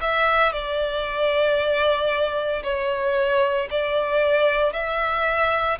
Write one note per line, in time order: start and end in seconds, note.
0.00 0.52 E5
0.52 2.63 D5
2.63 3.68 C#5
3.70 4.73 D5
4.73 5.78 E5